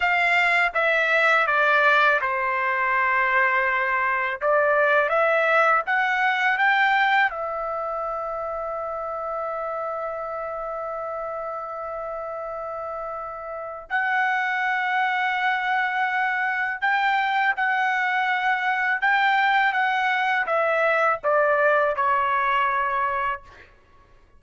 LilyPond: \new Staff \with { instrumentName = "trumpet" } { \time 4/4 \tempo 4 = 82 f''4 e''4 d''4 c''4~ | c''2 d''4 e''4 | fis''4 g''4 e''2~ | e''1~ |
e''2. fis''4~ | fis''2. g''4 | fis''2 g''4 fis''4 | e''4 d''4 cis''2 | }